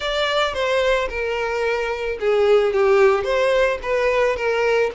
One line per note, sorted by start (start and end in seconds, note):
0.00 0.53 D5
0.53 1.08 C5
1.09 2.18 A#4
2.19 2.73 G#4
2.73 3.24 G4
3.24 3.78 C5
3.82 4.36 B4
4.36 4.91 A#4